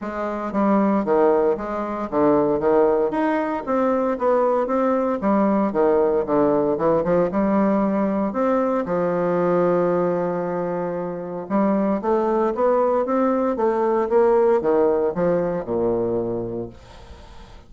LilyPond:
\new Staff \with { instrumentName = "bassoon" } { \time 4/4 \tempo 4 = 115 gis4 g4 dis4 gis4 | d4 dis4 dis'4 c'4 | b4 c'4 g4 dis4 | d4 e8 f8 g2 |
c'4 f2.~ | f2 g4 a4 | b4 c'4 a4 ais4 | dis4 f4 ais,2 | }